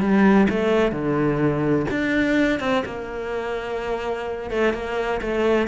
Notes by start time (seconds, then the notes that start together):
0.00 G3
0.50 A3
0.92 D3
1.90 D4
2.60 C4
2.85 A#3
4.51 A3
4.74 A#3
5.21 A3